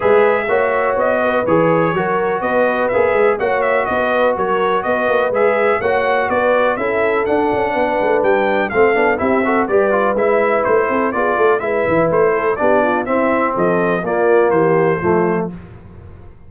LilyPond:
<<
  \new Staff \with { instrumentName = "trumpet" } { \time 4/4 \tempo 4 = 124 e''2 dis''4 cis''4~ | cis''4 dis''4 e''4 fis''8 e''8 | dis''4 cis''4 dis''4 e''4 | fis''4 d''4 e''4 fis''4~ |
fis''4 g''4 f''4 e''4 | d''4 e''4 c''4 d''4 | e''4 c''4 d''4 e''4 | dis''4 d''4 c''2 | }
  \new Staff \with { instrumentName = "horn" } { \time 4/4 b'4 cis''4. b'4. | ais'4 b'2 cis''4 | b'4 ais'4 b'2 | cis''4 b'4 a'2 |
b'2 a'4 g'8 a'8 | b'2~ b'8 a'8 gis'8 a'8 | b'4. a'8 g'8 f'8 e'4 | a'4 f'4 g'4 f'4 | }
  \new Staff \with { instrumentName = "trombone" } { \time 4/4 gis'4 fis'2 gis'4 | fis'2 gis'4 fis'4~ | fis'2. gis'4 | fis'2 e'4 d'4~ |
d'2 c'8 d'8 e'8 fis'8 | g'8 f'8 e'2 f'4 | e'2 d'4 c'4~ | c'4 ais2 a4 | }
  \new Staff \with { instrumentName = "tuba" } { \time 4/4 gis4 ais4 b4 e4 | fis4 b4 ais8 gis8 ais4 | b4 fis4 b8 ais8 gis4 | ais4 b4 cis'4 d'8 cis'8 |
b8 a8 g4 a8 b8 c'4 | g4 gis4 a8 c'8 b8 a8 | gis8 e8 a4 b4 c'4 | f4 ais4 e4 f4 | }
>>